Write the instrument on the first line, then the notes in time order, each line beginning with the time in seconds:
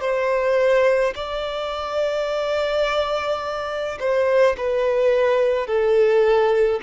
violin
0.00 C5
1.15 D5
3.99 C5
4.57 B4
5.67 A4